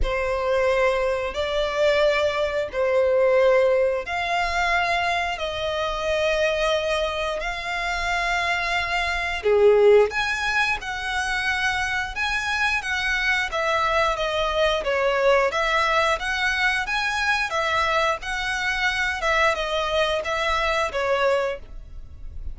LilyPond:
\new Staff \with { instrumentName = "violin" } { \time 4/4 \tempo 4 = 89 c''2 d''2 | c''2 f''2 | dis''2. f''4~ | f''2 gis'4 gis''4 |
fis''2 gis''4 fis''4 | e''4 dis''4 cis''4 e''4 | fis''4 gis''4 e''4 fis''4~ | fis''8 e''8 dis''4 e''4 cis''4 | }